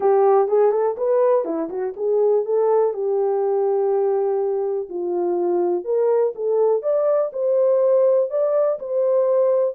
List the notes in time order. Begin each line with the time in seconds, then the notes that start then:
0.00 G4
0.48 G#4
0.71 A4
0.97 B4
1.45 E4
1.69 F#4
1.96 G#4
2.45 A4
2.93 G4
4.89 F4
5.84 A#4
6.35 A4
6.82 D5
7.32 C5
8.29 D5
8.79 C5